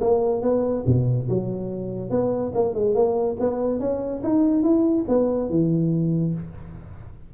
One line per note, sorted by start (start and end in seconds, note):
0.00 0.42 A#3
0.42 0.84 B3
0.86 1.28 B2
1.29 2.10 F#3
2.10 2.52 B3
2.54 2.74 A#3
2.74 2.94 G#3
2.94 3.36 A#3
3.39 3.80 B3
3.80 4.22 C#4
4.23 4.62 D#4
4.62 5.05 E4
5.08 5.49 B3
5.49 6.34 E3